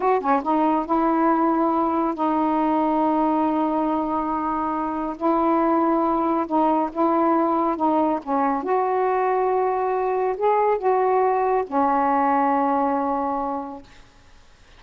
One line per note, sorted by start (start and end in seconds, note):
0.00 0.20 F#4
0.20 0.42 C#4
0.42 0.85 D#4
0.85 2.14 E4
2.14 5.16 D#4
5.16 6.46 E4
6.46 6.90 D#4
6.92 7.76 E4
7.76 8.19 D#4
8.22 8.63 C#4
8.63 10.35 F#4
10.37 10.78 G#4
10.78 11.64 F#4
11.67 13.82 C#4